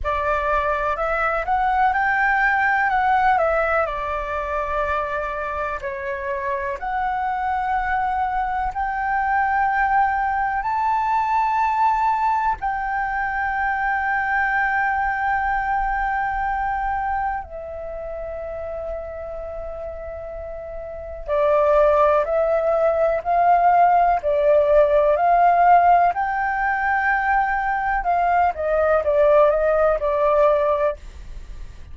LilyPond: \new Staff \with { instrumentName = "flute" } { \time 4/4 \tempo 4 = 62 d''4 e''8 fis''8 g''4 fis''8 e''8 | d''2 cis''4 fis''4~ | fis''4 g''2 a''4~ | a''4 g''2.~ |
g''2 e''2~ | e''2 d''4 e''4 | f''4 d''4 f''4 g''4~ | g''4 f''8 dis''8 d''8 dis''8 d''4 | }